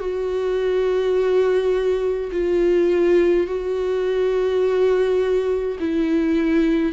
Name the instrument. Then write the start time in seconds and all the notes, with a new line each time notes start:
viola
0.00 F#4
2.32 F4
3.47 F#4
5.80 E4